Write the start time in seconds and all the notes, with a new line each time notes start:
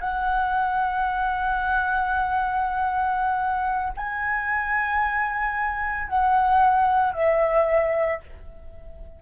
0.00 F#5
3.96 G#5
6.07 F#5
7.13 E5